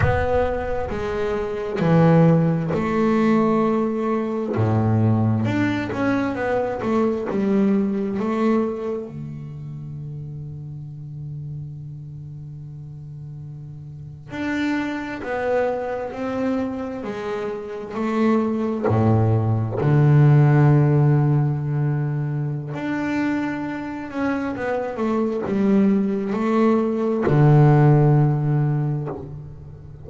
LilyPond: \new Staff \with { instrumentName = "double bass" } { \time 4/4 \tempo 4 = 66 b4 gis4 e4 a4~ | a4 a,4 d'8 cis'8 b8 a8 | g4 a4 d2~ | d2.~ d8. d'16~ |
d'8. b4 c'4 gis4 a16~ | a8. a,4 d2~ d16~ | d4 d'4. cis'8 b8 a8 | g4 a4 d2 | }